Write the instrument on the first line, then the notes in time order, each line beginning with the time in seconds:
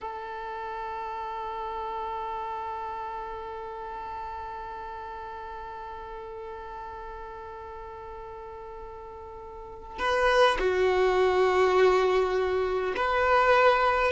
violin
0.01 A4
9.98 B4
10.59 F#4
12.96 B4